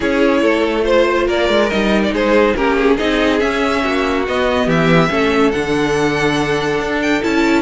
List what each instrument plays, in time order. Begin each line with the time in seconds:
0.00 cello C#4, viola E4, violin G#4 C#5
0.41 cello A3, violin A4
0.82 viola F4, violin C5
1.25 cello A#3, violin A#4 D5
1.49 cello G#3
1.70 cello G3, viola D#4, violin D#5
2.03 violin D5
2.11 cello G#3, violin G#4 C5
2.55 cello A#3, viola C#4, violin G4 A#4
2.78 violin G#4
2.95 cello C4, viola D#4, violin G#4 D#5
3.39 viola C#4, cello C#4, violin E5
3.83 cello A#3, violin F#4
4.27 cello B3, viola B3, violin D#5
4.66 cello E3, violin G4 E5
5.09 cello A3, viola C#4, violin A4
5.51 cello D3, viola D4, violin F#5
6.80 cello D4
7.02 violin G5
7.22 cello C#4, viola E4, violin A5